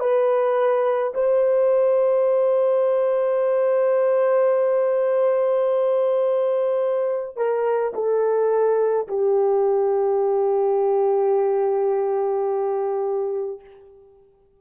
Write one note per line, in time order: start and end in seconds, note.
0.00 1.13 B4
1.15 7.37 C5
7.37 7.94 A#4
7.95 9.08 A4
9.08 13.61 G4